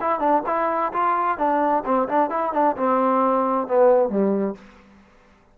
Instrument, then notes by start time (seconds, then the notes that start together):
trombone
0.00 E4
0.19 D4
0.46 E4
0.92 F4
1.37 D4
1.85 C4
2.08 D4
2.29 E4
2.53 D4
2.76 C4
3.67 B3
4.08 G3